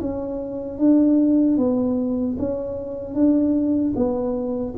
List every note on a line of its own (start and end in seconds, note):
0.00 0.78 C#4
0.78 1.57 D4
1.57 2.36 B3
2.38 3.14 C#4
3.14 3.93 D4
3.95 4.74 B3